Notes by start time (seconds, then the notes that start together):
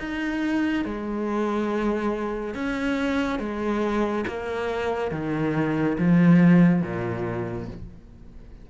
0.00 D#4
0.85 G#3
2.54 C#4
3.39 G#3
4.27 A#3
5.12 D#3
5.98 F3
6.82 A#2